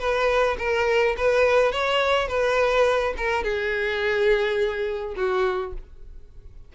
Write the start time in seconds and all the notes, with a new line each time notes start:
0.00 B4
0.59 A#4
1.17 B4
1.72 C#5
2.28 B4
3.18 A#4
3.44 G#4
5.16 F#4